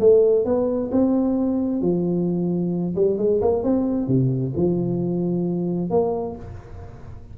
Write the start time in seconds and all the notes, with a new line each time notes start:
0.00 A3
0.45 B3
0.92 C4
1.82 F3
2.95 G3
3.18 G#3
3.42 A#3
3.64 C4
4.08 C3
4.56 F3
5.90 A#3